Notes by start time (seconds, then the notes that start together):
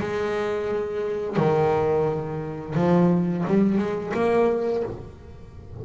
0.00 G#3
1.37 D#3
2.75 F3
3.47 G3
3.78 G#3
4.14 A#3